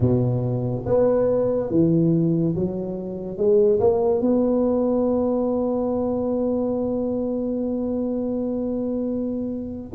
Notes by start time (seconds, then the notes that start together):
0.00 B2
0.86 B3
1.70 E3
2.55 F#3
3.37 G#3
3.80 A#3
4.21 B3